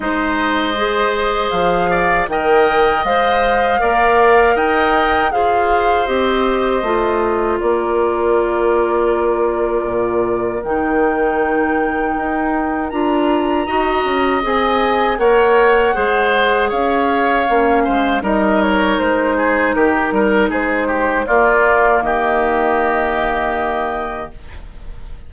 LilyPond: <<
  \new Staff \with { instrumentName = "flute" } { \time 4/4 \tempo 4 = 79 dis''2 f''4 g''4 | f''2 g''4 f''4 | dis''2 d''2~ | d''2 g''2~ |
g''4 ais''2 gis''4 | fis''2 f''2 | dis''8 cis''8 c''4 ais'4 c''4 | d''4 dis''2. | }
  \new Staff \with { instrumentName = "oboe" } { \time 4/4 c''2~ c''8 d''8 dis''4~ | dis''4 d''4 dis''4 c''4~ | c''2 ais'2~ | ais'1~ |
ais'2 dis''2 | cis''4 c''4 cis''4. c''8 | ais'4. gis'8 g'8 ais'8 gis'8 g'8 | f'4 g'2. | }
  \new Staff \with { instrumentName = "clarinet" } { \time 4/4 dis'4 gis'2 ais'4 | c''4 ais'2 gis'4 | g'4 f'2.~ | f'2 dis'2~ |
dis'4 f'4 fis'4 gis'4 | ais'4 gis'2 cis'4 | dis'1 | ais1 | }
  \new Staff \with { instrumentName = "bassoon" } { \time 4/4 gis2 f4 dis4 | gis4 ais4 dis'4 f'4 | c'4 a4 ais2~ | ais4 ais,4 dis2 |
dis'4 d'4 dis'8 cis'8 c'4 | ais4 gis4 cis'4 ais8 gis8 | g4 gis4 dis8 g8 gis4 | ais4 dis2. | }
>>